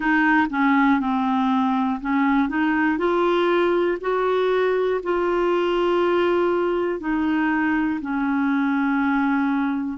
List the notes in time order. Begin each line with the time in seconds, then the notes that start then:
0.00 D#4
0.50 C#4
1.00 C4
2.00 C#4
2.49 D#4
2.98 F4
4.00 F#4
5.03 F4
7.00 D#4
8.00 C#4